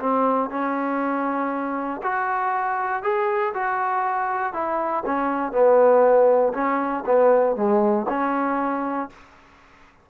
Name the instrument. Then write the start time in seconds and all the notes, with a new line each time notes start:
trombone
0.00 C4
0.50 C#4
2.03 F#4
3.03 G#4
3.54 F#4
4.53 E4
5.06 C#4
5.52 B3
6.54 C#4
7.06 B3
7.56 G#3
8.09 C#4